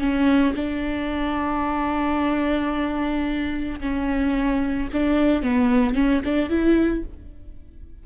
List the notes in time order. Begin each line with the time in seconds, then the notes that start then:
0.00 C#4
0.56 D4
3.80 C#4
4.93 D4
5.43 B3
5.95 C#4
6.25 D4
6.50 E4